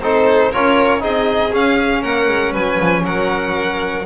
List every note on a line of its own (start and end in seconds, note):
0.00 0.50 C4
0.00 0.53 D#4
0.00 0.51 A4
0.00 0.52 C5
0.51 1.03 C#4
0.51 1.00 F4
0.51 1.02 A#4
0.51 1.02 C#5
1.00 1.53 C4
1.00 1.50 D#4
1.00 2.02 G#4
1.00 1.54 D#5
1.53 2.03 C#4
1.53 4.05 C#4
1.53 2.03 F5
2.02 2.28 A#3
2.02 2.52 A#4
2.02 2.53 F#5
2.29 2.54 G#3
2.52 2.79 F#3
2.52 3.02 B4
2.52 3.05 G#5
2.80 3.04 F3
3.04 4.05 F#3
3.04 4.05 A#4
3.04 4.06 F#5